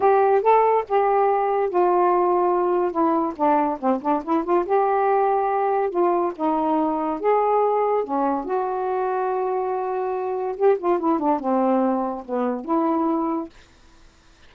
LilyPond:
\new Staff \with { instrumentName = "saxophone" } { \time 4/4 \tempo 4 = 142 g'4 a'4 g'2 | f'2. e'4 | d'4 c'8 d'8 e'8 f'8 g'4~ | g'2 f'4 dis'4~ |
dis'4 gis'2 cis'4 | fis'1~ | fis'4 g'8 f'8 e'8 d'8 c'4~ | c'4 b4 e'2 | }